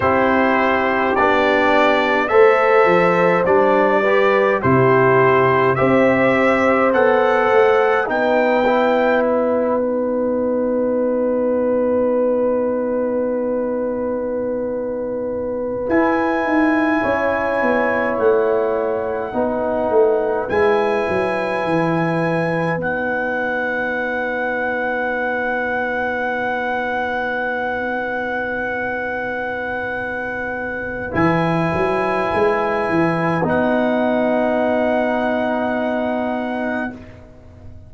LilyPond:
<<
  \new Staff \with { instrumentName = "trumpet" } { \time 4/4 \tempo 4 = 52 c''4 d''4 e''4 d''4 | c''4 e''4 fis''4 g''4 | fis''1~ | fis''4.~ fis''16 gis''2 fis''16~ |
fis''4.~ fis''16 gis''2 fis''16~ | fis''1~ | fis''2. gis''4~ | gis''4 fis''2. | }
  \new Staff \with { instrumentName = "horn" } { \time 4/4 g'2 c''4. b'8 | g'4 c''2 b'4~ | b'1~ | b'2~ b'8. cis''4~ cis''16~ |
cis''8. b'2.~ b'16~ | b'1~ | b'1~ | b'1 | }
  \new Staff \with { instrumentName = "trombone" } { \time 4/4 e'4 d'4 a'4 d'8 g'8 | e'4 g'4 a'4 dis'8 e'8~ | e'8 dis'2.~ dis'8~ | dis'4.~ dis'16 e'2~ e'16~ |
e'8. dis'4 e'2 dis'16~ | dis'1~ | dis'2. e'4~ | e'4 dis'2. | }
  \new Staff \with { instrumentName = "tuba" } { \time 4/4 c'4 b4 a8 f8 g4 | c4 c'4 b8 a8 b4~ | b1~ | b4.~ b16 e'8 dis'8 cis'8 b8 a16~ |
a8. b8 a8 gis8 fis8 e4 b16~ | b1~ | b2. e8 fis8 | gis8 e8 b2. | }
>>